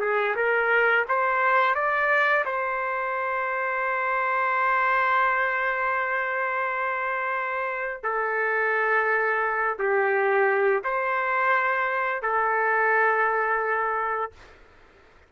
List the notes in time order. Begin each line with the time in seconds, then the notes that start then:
0.00 G#4
0.35 A#4
1.08 C5
1.75 D5
2.45 C5
8.03 A4
9.78 G4
10.84 C5
12.22 A4